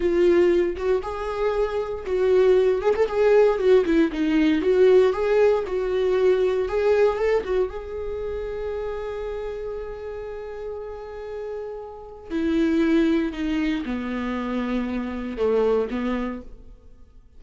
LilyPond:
\new Staff \with { instrumentName = "viola" } { \time 4/4 \tempo 4 = 117 f'4. fis'8 gis'2 | fis'4. gis'16 a'16 gis'4 fis'8 e'8 | dis'4 fis'4 gis'4 fis'4~ | fis'4 gis'4 a'8 fis'8 gis'4~ |
gis'1~ | gis'1 | e'2 dis'4 b4~ | b2 a4 b4 | }